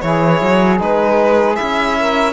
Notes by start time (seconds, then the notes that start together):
0.00 E3 E4 G#4 C#5
0.41 F#3
0.79 G#3 D#4 B4
1.55 E4 E5
1.61 C#4
1.99 A#4